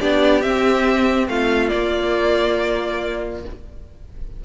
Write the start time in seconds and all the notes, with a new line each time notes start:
0.00 B3 D4 G4 D5
0.42 C4 E5
1.27 A3 F4 F5
1.68 A#3 D5